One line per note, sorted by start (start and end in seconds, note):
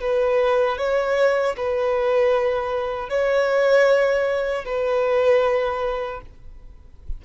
0.00 0.78 B4
0.78 1.56 C#5
1.57 3.10 B4
3.10 4.65 C#5
4.65 6.21 B4